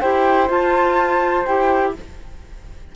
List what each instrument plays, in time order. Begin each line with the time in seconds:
0.00 cello E4, clarinet G4, flute C5 G5
0.47 clarinet F4, cello F4, flute A5
1.45 cello E4, clarinet G4, flute G5